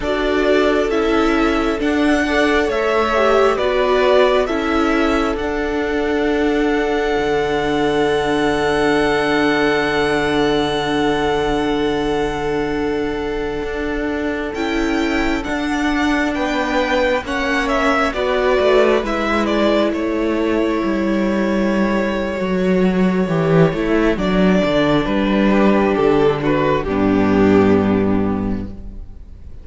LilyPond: <<
  \new Staff \with { instrumentName = "violin" } { \time 4/4 \tempo 4 = 67 d''4 e''4 fis''4 e''4 | d''4 e''4 fis''2~ | fis''1~ | fis''1~ |
fis''16 g''4 fis''4 g''4 fis''8 e''16~ | e''16 d''4 e''8 d''8 cis''4.~ cis''16~ | cis''2. d''4 | b'4 a'8 b'8 g'2 | }
  \new Staff \with { instrumentName = "violin" } { \time 4/4 a'2~ a'8 d''8 cis''4 | b'4 a'2.~ | a'1~ | a'1~ |
a'2~ a'16 b'4 cis''8.~ | cis''16 b'2 a'4.~ a'16~ | a'1~ | a'8 g'4 fis'8 d'2 | }
  \new Staff \with { instrumentName = "viola" } { \time 4/4 fis'4 e'4 d'8 a'4 g'8 | fis'4 e'4 d'2~ | d'1~ | d'1~ |
d'16 e'4 d'2 cis'8.~ | cis'16 fis'4 e'2~ e'8.~ | e'4 fis'4 g'8 e'8 d'4~ | d'2 b2 | }
  \new Staff \with { instrumentName = "cello" } { \time 4/4 d'4 cis'4 d'4 a4 | b4 cis'4 d'2 | d1~ | d2.~ d16 d'8.~ |
d'16 cis'4 d'4 b4 ais8.~ | ais16 b8 a8 gis4 a4 g8.~ | g4 fis4 e8 a8 fis8 d8 | g4 d4 g,2 | }
>>